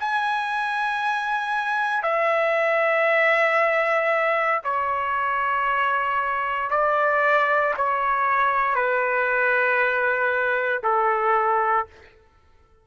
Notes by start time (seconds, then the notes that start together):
0.00 G#5
2.03 E5
4.64 C#5
6.71 D5
7.77 C#5
8.75 B4
10.83 A4